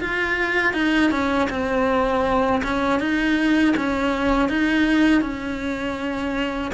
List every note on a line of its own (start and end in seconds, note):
0.00 0.73 F4
0.73 1.10 D#4
1.10 1.48 C#4
1.49 2.62 C4
2.63 2.99 C#4
2.99 3.74 D#4
3.76 4.49 C#4
4.49 5.21 D#4
5.21 6.71 C#4